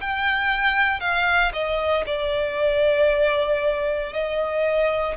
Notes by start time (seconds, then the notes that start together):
0.00 G5
1.00 F5
1.53 D#5
2.06 D5
4.12 D#5